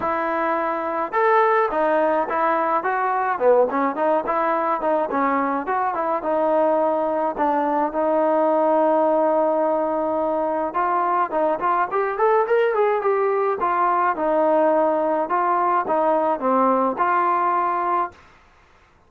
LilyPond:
\new Staff \with { instrumentName = "trombone" } { \time 4/4 \tempo 4 = 106 e'2 a'4 dis'4 | e'4 fis'4 b8 cis'8 dis'8 e'8~ | e'8 dis'8 cis'4 fis'8 e'8 dis'4~ | dis'4 d'4 dis'2~ |
dis'2. f'4 | dis'8 f'8 g'8 a'8 ais'8 gis'8 g'4 | f'4 dis'2 f'4 | dis'4 c'4 f'2 | }